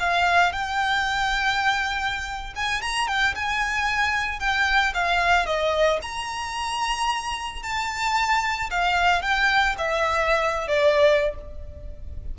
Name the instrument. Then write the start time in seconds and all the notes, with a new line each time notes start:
violin
0.00 F5
0.53 G5
2.56 G#5
2.82 A#5
3.08 G5
3.35 G#5
4.40 G5
4.94 F5
5.46 D#5
6.02 A#5
7.63 A5
8.71 F5
9.22 G5
9.78 E5
10.68 D5